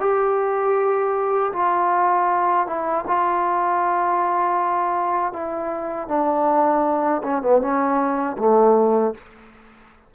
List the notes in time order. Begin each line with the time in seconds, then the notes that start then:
0.00 G4
1.53 F4
2.67 E4
3.07 F4
5.33 E4
6.08 D4
7.23 C#4
7.42 B3
7.61 C#4
8.38 A3